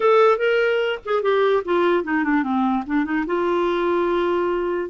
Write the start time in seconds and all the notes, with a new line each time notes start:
0.00 A4
0.38 A#4
1.05 G#4
1.22 G4
1.64 F4
2.04 D#4
2.24 D4
2.43 C4
2.86 D4
3.04 D#4
3.26 F4